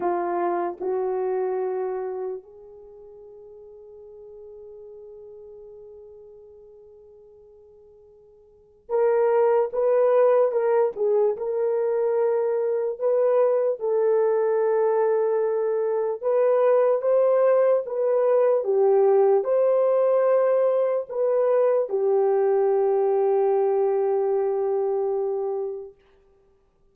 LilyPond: \new Staff \with { instrumentName = "horn" } { \time 4/4 \tempo 4 = 74 f'4 fis'2 gis'4~ | gis'1~ | gis'2. ais'4 | b'4 ais'8 gis'8 ais'2 |
b'4 a'2. | b'4 c''4 b'4 g'4 | c''2 b'4 g'4~ | g'1 | }